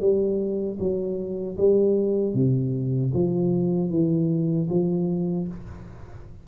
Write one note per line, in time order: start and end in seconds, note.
0.00 0.78 G3
0.79 1.57 F#3
1.58 2.34 G3
2.34 3.12 C3
3.14 3.90 F3
3.90 4.68 E3
4.70 5.48 F3